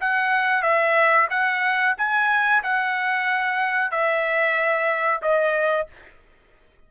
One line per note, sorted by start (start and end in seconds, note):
0.00 0.62 F#5
0.62 1.27 E5
1.30 1.95 F#5
1.97 2.63 G#5
2.63 3.91 F#5
3.91 5.21 E5
5.22 5.87 D#5